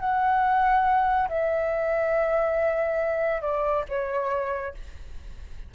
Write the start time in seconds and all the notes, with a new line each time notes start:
0.00 F#5
1.29 E5
3.42 D5
3.89 C#5